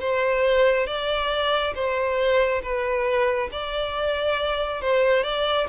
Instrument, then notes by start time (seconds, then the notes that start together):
violin
0.00 C5
0.87 D5
1.75 C5
2.63 B4
3.52 D5
4.82 C5
5.24 D5